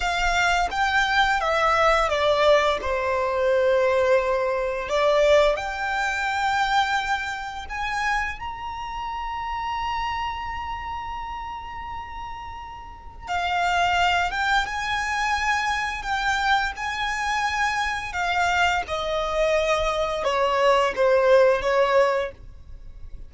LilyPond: \new Staff \with { instrumentName = "violin" } { \time 4/4 \tempo 4 = 86 f''4 g''4 e''4 d''4 | c''2. d''4 | g''2. gis''4 | ais''1~ |
ais''2. f''4~ | f''8 g''8 gis''2 g''4 | gis''2 f''4 dis''4~ | dis''4 cis''4 c''4 cis''4 | }